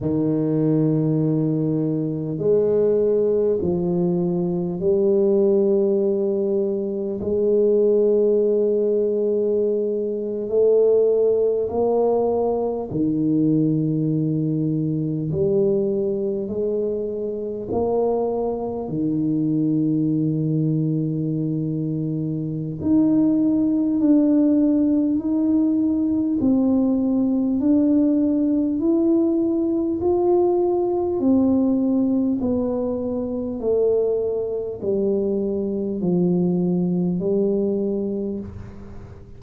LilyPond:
\new Staff \with { instrumentName = "tuba" } { \time 4/4 \tempo 4 = 50 dis2 gis4 f4 | g2 gis2~ | gis8. a4 ais4 dis4~ dis16~ | dis8. g4 gis4 ais4 dis16~ |
dis2. dis'4 | d'4 dis'4 c'4 d'4 | e'4 f'4 c'4 b4 | a4 g4 f4 g4 | }